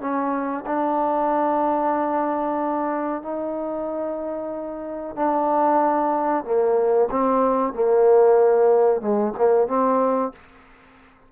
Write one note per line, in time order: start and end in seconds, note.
0.00 0.65 C#4
0.66 3.22 D4
3.22 5.16 D#4
5.16 6.44 D4
6.44 7.09 A#3
7.11 7.73 C4
7.73 9.01 A#3
9.01 9.33 G#3
9.38 9.67 A#3
9.67 10.32 C4